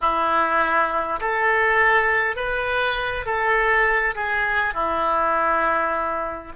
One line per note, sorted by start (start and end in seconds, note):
0.01 1.19 E4
1.20 2.36 A4
2.36 3.25 B4
3.25 4.14 A4
4.15 4.74 G#4
4.74 6.52 E4